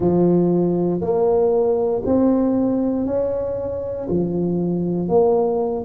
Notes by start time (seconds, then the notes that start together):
0.00 F3
1.00 A#3
2.05 C4
3.06 C#4
4.09 F3
5.08 A#3